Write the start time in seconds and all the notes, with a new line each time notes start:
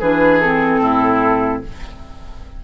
0.00 E3 D4 G#4 B4
0.41 C4 A4
0.81 A2 E4